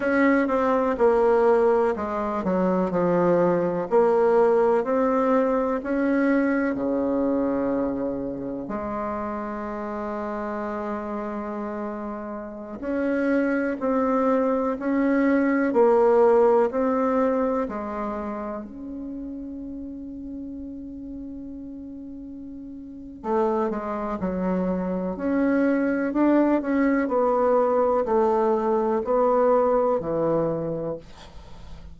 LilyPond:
\new Staff \with { instrumentName = "bassoon" } { \time 4/4 \tempo 4 = 62 cis'8 c'8 ais4 gis8 fis8 f4 | ais4 c'4 cis'4 cis4~ | cis4 gis2.~ | gis4~ gis16 cis'4 c'4 cis'8.~ |
cis'16 ais4 c'4 gis4 cis'8.~ | cis'1 | a8 gis8 fis4 cis'4 d'8 cis'8 | b4 a4 b4 e4 | }